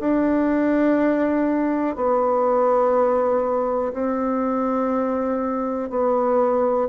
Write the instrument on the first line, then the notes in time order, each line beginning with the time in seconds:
bassoon
0.00 D4
1.96 B3
3.93 C4
5.90 B3